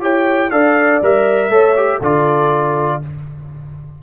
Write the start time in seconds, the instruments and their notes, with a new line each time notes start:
0.00 tuba E4, trombone G4, horn C#5, trumpet G5
0.50 tuba D4, trombone A4, horn D5, trumpet F5
1.01 tuba G3, trombone A#4, trumpet E5
1.49 tuba A3, trombone A4, horn C#5
1.76 trombone G4
1.99 tuba D3, trombone F4, horn A4, trumpet D5